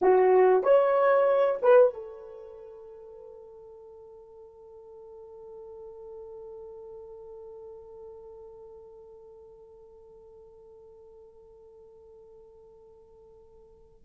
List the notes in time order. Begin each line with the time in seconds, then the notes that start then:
0.01 F#4
0.63 C#5
1.62 B4
1.93 A4